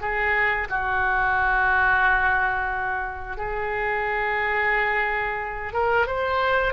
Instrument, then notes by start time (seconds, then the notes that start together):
oboe
0.00 G#4
0.69 F#4
3.37 G#4
5.72 A#4
6.06 C5